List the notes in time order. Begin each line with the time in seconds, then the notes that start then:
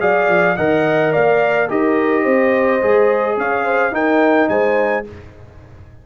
0.00 F#3 G#4 D5 F5
0.28 F3
0.57 D#3 A#4 D#5 F#5
1.13 A#3 D5 F5
1.69 D#4 G4 A#4 D#5
2.23 C4 C5
2.82 G#3 G#4
3.37 C#4 C#5 F5
3.65 C5
3.92 D#4 A#4 G5
4.49 G#3 C5 G#5